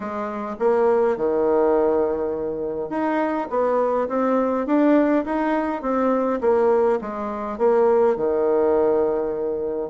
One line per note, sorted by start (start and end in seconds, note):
0.00 0.56 G#3
0.59 1.17 A#3
1.17 2.89 D#3
2.89 3.47 D#4
3.50 4.08 B3
4.08 4.66 C4
4.66 5.24 D4
5.25 5.81 D#4
5.81 6.40 C4
6.41 6.99 A#3
7.01 7.58 G#3
7.58 8.16 A#3
8.16 9.89 D#3